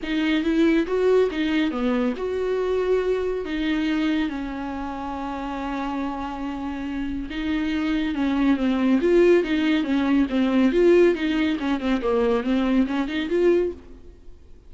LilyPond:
\new Staff \with { instrumentName = "viola" } { \time 4/4 \tempo 4 = 140 dis'4 e'4 fis'4 dis'4 | b4 fis'2. | dis'2 cis'2~ | cis'1~ |
cis'4 dis'2 cis'4 | c'4 f'4 dis'4 cis'4 | c'4 f'4 dis'4 cis'8 c'8 | ais4 c'4 cis'8 dis'8 f'4 | }